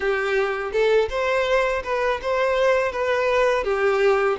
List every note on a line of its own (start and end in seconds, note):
0.00 0.72 G4
0.72 1.08 A4
1.09 1.82 C5
1.83 2.20 B4
2.22 2.92 C5
2.92 3.64 B4
3.64 4.37 G4